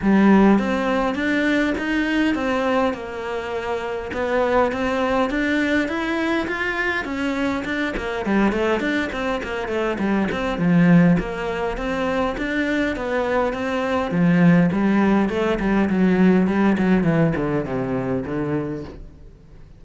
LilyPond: \new Staff \with { instrumentName = "cello" } { \time 4/4 \tempo 4 = 102 g4 c'4 d'4 dis'4 | c'4 ais2 b4 | c'4 d'4 e'4 f'4 | cis'4 d'8 ais8 g8 a8 d'8 c'8 |
ais8 a8 g8 c'8 f4 ais4 | c'4 d'4 b4 c'4 | f4 g4 a8 g8 fis4 | g8 fis8 e8 d8 c4 d4 | }